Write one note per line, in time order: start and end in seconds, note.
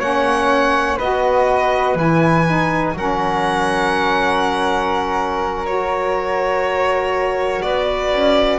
0.00 0.98 A#3
0.00 0.99 C#4
0.00 0.98 C#5
0.00 0.99 F#5
0.98 1.96 B3
0.98 1.97 F#4
0.98 2.94 B4
0.98 1.98 D#5
1.96 2.94 E3
1.96 2.46 E4
1.96 2.98 G#5
2.47 2.96 D#4
2.94 7.62 F#3
2.94 5.66 C#4
2.94 7.65 A#4
2.94 5.66 F#5
5.66 8.60 F#4
5.66 7.63 C#5
7.63 8.13 B3
7.63 8.60 B4
7.63 8.60 D5
8.13 8.60 C#4